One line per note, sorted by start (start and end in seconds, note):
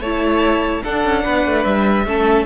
0.00 0.82 A3
0.00 0.83 E4
0.00 0.82 C#5
0.00 0.83 A5
0.83 2.06 D4
0.83 1.04 D4
0.83 1.23 A4
0.83 1.64 F#5
1.04 1.24 C#4
1.23 1.45 B3
1.23 2.04 B4
1.45 1.64 A3
1.64 2.05 G3
1.64 2.45 E5
2.06 2.46 A3
2.06 2.46 C#4
2.06 2.46 A4